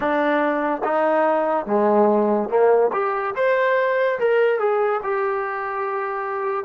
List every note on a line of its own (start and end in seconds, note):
0.00 0.81 D4
0.84 1.66 D#4
1.66 2.49 G#3
2.49 2.91 A#3
2.92 3.34 G4
3.35 4.18 C5
4.19 4.59 A#4
4.59 5.00 G#4
5.03 6.64 G4